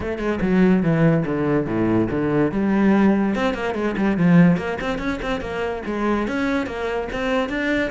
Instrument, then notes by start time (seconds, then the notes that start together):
cello
0.00 A3
0.18 G#3
0.41 F#3
0.82 E3
1.25 D3
1.66 A2
2.10 D3
2.51 G3
3.35 C4
3.54 A#3
3.74 G#3
3.97 G3
4.17 F3
4.57 A#3
4.80 C4
4.98 C#4
5.21 C4
5.40 A#3
5.86 G#3
6.27 C#4
6.66 A#3
7.12 C4
7.49 D4